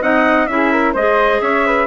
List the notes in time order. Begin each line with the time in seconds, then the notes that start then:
0.00 C4 D#4 D#5 F#5
0.46 C#4 E4 G#4 E5
0.71 A#4
0.93 G#3 G#4 C5 D#5
1.41 C#4 C#5 E5
1.66 B4